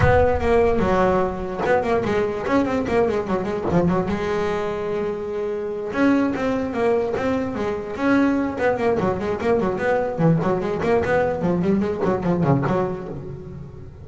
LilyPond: \new Staff \with { instrumentName = "double bass" } { \time 4/4 \tempo 4 = 147 b4 ais4 fis2 | b8 ais8 gis4 cis'8 c'8 ais8 gis8 | fis8 gis8 f8 fis8 gis2~ | gis2~ gis8 cis'4 c'8~ |
c'8 ais4 c'4 gis4 cis'8~ | cis'4 b8 ais8 fis8 gis8 ais8 fis8 | b4 e8 fis8 gis8 ais8 b4 | f8 g8 gis8 fis8 f8 cis8 fis4 | }